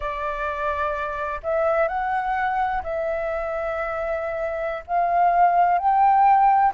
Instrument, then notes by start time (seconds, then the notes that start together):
flute
0.00 D5
1.43 E5
1.87 F#5
2.83 E5
4.87 F5
5.78 G5